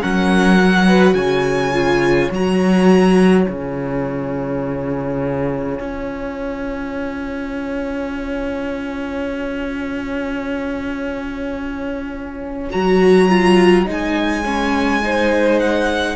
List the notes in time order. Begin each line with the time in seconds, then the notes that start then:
0.00 F#3 C#4 A#4 F#5
0.58 F#4
0.86 B4
1.14 C#3 C#5 G#5
1.72 F4
2.31 F#3 F#4 A#5
3.45 C#3 F4 G#5
5.80 C#4
12.70 F#3 F#4 A#5
13.29 F4
13.85 G#3 D#4 G#5
14.44 C#4
15.02 D#4 C5
15.59 F#5